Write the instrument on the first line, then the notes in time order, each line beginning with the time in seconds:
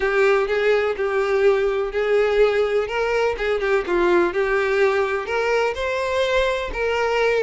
violin
0.00 G4
0.47 G#4
0.96 G4
1.91 G#4
2.87 A#4
3.37 G#4
3.60 G4
3.87 F4
4.33 G4
5.25 A#4
5.74 C5
6.73 A#4